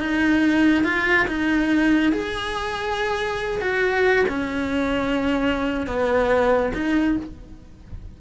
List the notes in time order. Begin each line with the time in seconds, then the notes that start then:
0.00 D#4
0.84 F4
1.28 D#4
2.13 G#4
3.62 F#4
4.29 C#4
5.87 B3
6.74 D#4